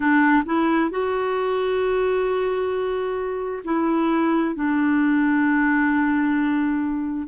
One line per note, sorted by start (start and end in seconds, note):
0.00 0.43 D4
0.45 0.90 E4
0.90 3.63 F#4
3.64 4.55 E4
4.55 7.28 D4